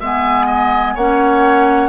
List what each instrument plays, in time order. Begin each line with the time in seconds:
0.00 bassoon G#3, clarinet B3, oboe E5, flute G#5
0.46 oboe D#5
0.95 bassoon A#3, clarinet C#4, oboe C#5, flute F#5